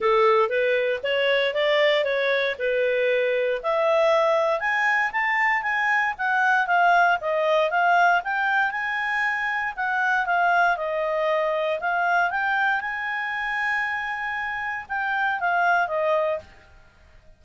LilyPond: \new Staff \with { instrumentName = "clarinet" } { \time 4/4 \tempo 4 = 117 a'4 b'4 cis''4 d''4 | cis''4 b'2 e''4~ | e''4 gis''4 a''4 gis''4 | fis''4 f''4 dis''4 f''4 |
g''4 gis''2 fis''4 | f''4 dis''2 f''4 | g''4 gis''2.~ | gis''4 g''4 f''4 dis''4 | }